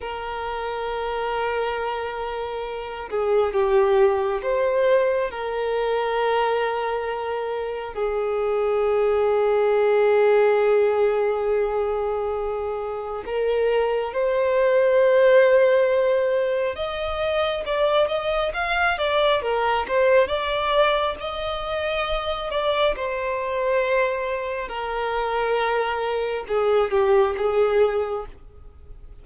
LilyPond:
\new Staff \with { instrumentName = "violin" } { \time 4/4 \tempo 4 = 68 ais'2.~ ais'8 gis'8 | g'4 c''4 ais'2~ | ais'4 gis'2.~ | gis'2. ais'4 |
c''2. dis''4 | d''8 dis''8 f''8 d''8 ais'8 c''8 d''4 | dis''4. d''8 c''2 | ais'2 gis'8 g'8 gis'4 | }